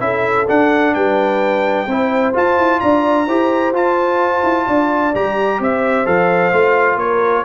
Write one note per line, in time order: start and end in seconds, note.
0.00 0.47 C#4
0.00 0.47 E4
0.00 0.95 A4
0.00 0.47 E5
0.48 1.87 D4
0.48 0.95 D4
0.48 0.94 F#5
0.94 1.87 G3
0.94 1.88 B4
0.94 2.34 G5
1.87 2.33 C4
1.87 2.34 E4
1.87 2.81 C5
2.34 3.27 F4
2.34 2.58 F4
2.34 2.80 A5
2.58 2.81 E4
2.80 3.27 D4
2.80 3.27 D5
2.80 3.73 A#5
3.27 3.73 E4
3.27 3.74 G4
3.27 4.66 C5
3.73 4.43 F4
3.73 5.14 F4
3.73 5.15 A5
4.43 4.67 E4
4.66 5.14 D4
4.66 5.59 D5
5.15 5.60 G3
5.15 6.06 G4
5.15 5.62 A#5
5.60 6.06 C4
5.60 6.98 C5
5.60 6.06 E5
6.06 6.52 F3
6.06 6.52 A4
6.06 6.98 F5
6.52 6.97 A3
6.52 7.45 F4
6.97 7.43 A#3
6.97 7.45 A#4
6.97 7.45 C#5